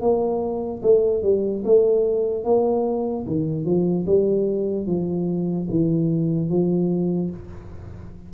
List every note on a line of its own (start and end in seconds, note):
0.00 0.81 A#3
0.82 1.22 A3
1.22 1.63 G3
1.64 2.44 A3
2.44 3.25 A#3
3.26 3.64 D#3
3.64 4.05 F3
4.06 4.86 G3
4.86 5.67 F3
5.69 6.49 E3
6.49 7.30 F3